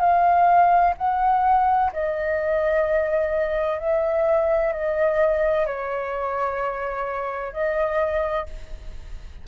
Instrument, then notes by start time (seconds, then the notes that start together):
flute
0.00 F5
0.98 F#5
1.93 D#5
3.79 E5
4.73 D#5
5.66 C#5
7.53 D#5